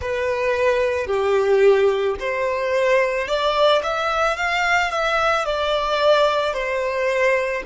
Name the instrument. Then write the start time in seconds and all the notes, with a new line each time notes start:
violin
0.00 B4
1.07 G4
2.19 C5
3.27 D5
3.83 E5
4.36 F5
4.90 E5
5.45 D5
6.53 C5